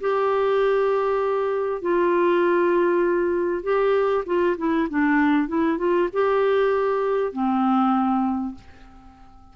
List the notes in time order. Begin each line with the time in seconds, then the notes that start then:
0.00 G4
1.82 F4
3.63 G4
4.26 F4
4.58 E4
4.90 D4
5.48 E4
5.78 F4
6.13 G4
7.32 C4